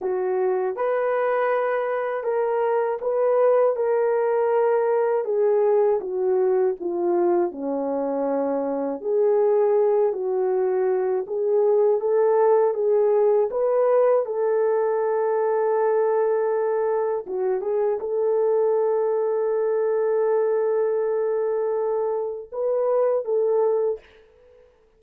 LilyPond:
\new Staff \with { instrumentName = "horn" } { \time 4/4 \tempo 4 = 80 fis'4 b'2 ais'4 | b'4 ais'2 gis'4 | fis'4 f'4 cis'2 | gis'4. fis'4. gis'4 |
a'4 gis'4 b'4 a'4~ | a'2. fis'8 gis'8 | a'1~ | a'2 b'4 a'4 | }